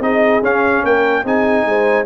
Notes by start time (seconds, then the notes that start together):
0.00 C4 D#4 G#4 D#5
0.42 C#4 F5
0.83 A#3 A#4 G5
1.24 C4 D#4 G#4 G#5
1.65 G#3 C5